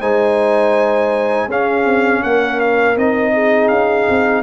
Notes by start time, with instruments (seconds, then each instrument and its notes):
0.00 tuba G#3, trombone D#4, horn C5, trumpet G#5
1.47 tuba C#4, trombone C#4, horn G#4, trumpet F5
1.85 tuba C4
2.23 tuba A#3, horn A#4, trumpet F#5
2.60 trumpet F5
2.97 tuba C4, trombone D#4, trumpet D#5
3.33 horn G#4
3.68 tuba C#4, trumpet F5
4.09 tuba C4